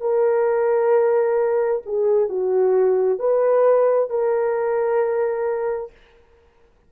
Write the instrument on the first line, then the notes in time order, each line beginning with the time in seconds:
horn
0.00 A#4
1.86 G#4
2.29 F#4
3.19 B4
4.10 A#4